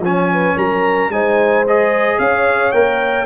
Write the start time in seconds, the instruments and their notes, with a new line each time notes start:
0.00 tuba F3, trombone C#4, horn C#5, trumpet G#5
0.32 horn B4
0.56 tuba F#3, horn A#4, trumpet A#5
1.09 tuba G#3, trombone D#4, horn C5, trumpet G#5
1.67 trombone G#4, trumpet D#5
2.19 tuba C#4, horn C#5, trumpet F5
2.72 tuba A#3, trombone A#4, trumpet G5